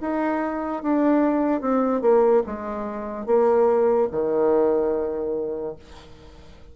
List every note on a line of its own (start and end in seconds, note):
0.00 0.82 D#4
0.82 1.60 D4
1.60 2.01 C4
2.01 2.42 A#3
2.46 3.26 G#3
3.26 4.08 A#3
4.11 5.75 D#3